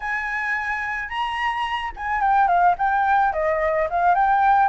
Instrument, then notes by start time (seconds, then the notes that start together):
flute
0.00 G#5
1.08 A#5
1.96 G#5
2.21 G5
2.47 F5
2.78 G5
3.32 D#5
3.90 F5
4.15 G5